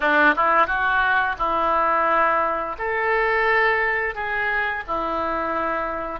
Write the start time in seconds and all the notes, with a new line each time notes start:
0.00 D4
0.35 E4
0.66 F#4
1.38 E4
2.78 A4
4.14 G#4
4.87 E4